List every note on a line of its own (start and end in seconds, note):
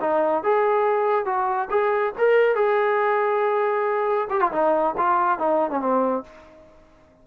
0.00 0.43 D#4
0.43 1.25 G#4
1.25 1.68 F#4
1.70 2.13 G#4
2.18 2.55 A#4
2.55 4.28 G#4
4.29 4.40 G4
4.40 4.51 F4
4.52 4.95 D#4
4.97 5.38 F4
5.38 5.70 D#4
5.70 5.80 C#4
5.80 6.23 C4